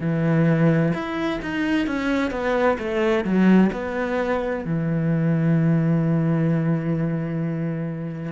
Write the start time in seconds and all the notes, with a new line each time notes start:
0.00 E3
0.94 E4
1.42 D#4
1.87 C#4
2.31 B3
2.78 A3
3.24 F#3
3.72 B3
4.64 E3